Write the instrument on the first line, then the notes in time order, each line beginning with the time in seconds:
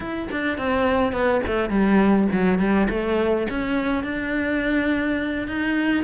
cello
0.00 E4
0.31 D4
0.57 C4
1.12 B3
1.46 A3
1.69 G3
2.32 F#3
2.59 G3
2.89 A3
3.50 C#4
4.03 D4
5.47 D#4